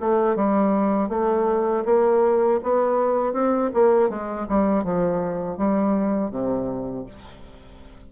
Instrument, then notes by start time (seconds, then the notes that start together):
bassoon
0.00 A3
0.35 G3
1.09 A3
1.85 A#3
2.63 B3
3.33 C4
3.74 A#3
4.09 G#3
4.49 G3
4.83 F3
5.57 G3
6.30 C3